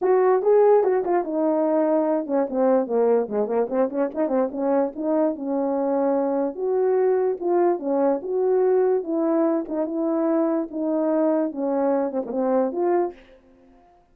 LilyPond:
\new Staff \with { instrumentName = "horn" } { \time 4/4 \tempo 4 = 146 fis'4 gis'4 fis'8 f'8 dis'4~ | dis'4. cis'8 c'4 ais4 | gis8 ais8 c'8 cis'8 dis'8 c'8 cis'4 | dis'4 cis'2. |
fis'2 f'4 cis'4 | fis'2 e'4. dis'8 | e'2 dis'2 | cis'4. c'16 ais16 c'4 f'4 | }